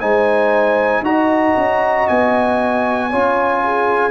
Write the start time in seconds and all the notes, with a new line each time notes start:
0.00 G#3 D#4 C5 G#5
1.01 D#4 F#4 D#5 A#5
1.57 C#4
2.08 B3 G#5
3.10 C#4 F4 C#5
3.64 G#4